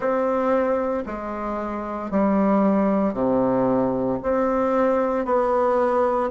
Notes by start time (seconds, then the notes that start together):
0.00 C4
1.05 G#3
2.11 G3
3.13 C3
4.22 C4
5.25 B3